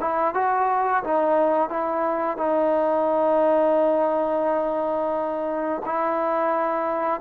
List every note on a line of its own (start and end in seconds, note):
0.00 0.34 E4
0.34 1.03 F#4
1.04 1.69 D#4
1.69 2.37 E4
2.37 5.82 D#4
5.85 7.20 E4